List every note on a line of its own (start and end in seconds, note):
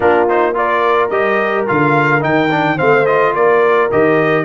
0.00 1.09 A#3
0.00 0.28 D4
0.00 0.55 F4
0.00 0.28 A#4
0.28 0.54 D#4
0.28 0.56 C5
0.54 1.09 F4
0.54 2.76 A#4
0.54 1.09 D5
1.09 1.65 G3
1.09 1.67 G4
1.09 1.65 D#5
1.67 2.24 D3
1.67 2.20 F4
1.67 2.23 F5
2.20 2.79 D#3
2.20 2.48 D#4
2.20 2.78 G5
2.50 2.77 D4
2.76 3.34 A3
2.76 3.05 C4
2.76 3.31 C5
2.76 3.05 F5
3.05 3.89 F4
3.05 3.33 D#5
3.34 3.90 A#3
3.34 4.44 A#4
3.34 3.90 D5
3.91 4.44 D#3
3.91 4.44 G4
3.91 4.44 D#5